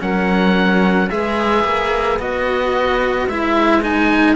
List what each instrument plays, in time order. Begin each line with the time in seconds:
0.00 cello F#3 C#4, saxophone A#4, oboe F#5
1.09 cello G#3 G#4, saxophone B4, oboe E5
1.64 cello A#3
2.19 cello B3 F#4, oboe D#5
3.27 cello G#3 E4, oboe E5
3.82 cello D#4, oboe G#5